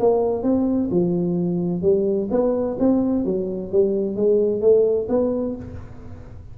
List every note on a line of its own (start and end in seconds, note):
0.00 0.43 A#3
0.43 0.90 C4
0.91 1.83 F3
1.83 2.29 G3
2.31 2.78 B3
2.79 3.25 C4
3.25 3.72 F#3
3.72 4.16 G3
4.16 4.62 G#3
4.62 5.08 A3
5.10 5.56 B3